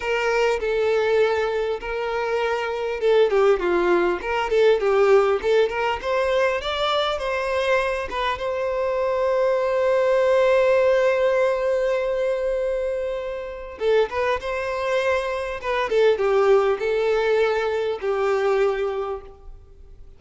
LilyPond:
\new Staff \with { instrumentName = "violin" } { \time 4/4 \tempo 4 = 100 ais'4 a'2 ais'4~ | ais'4 a'8 g'8 f'4 ais'8 a'8 | g'4 a'8 ais'8 c''4 d''4 | c''4. b'8 c''2~ |
c''1~ | c''2. a'8 b'8 | c''2 b'8 a'8 g'4 | a'2 g'2 | }